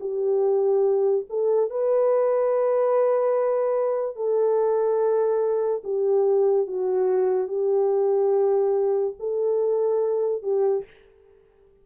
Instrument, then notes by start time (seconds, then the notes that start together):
horn
0.00 G4
1.29 A4
1.70 B4
4.15 A4
5.84 G4
6.67 F#4
7.47 G4
9.19 A4
10.42 G4